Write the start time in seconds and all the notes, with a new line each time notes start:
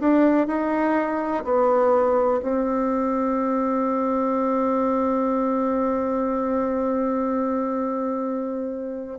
0.00 D4
0.47 D#4
1.44 B3
2.42 C4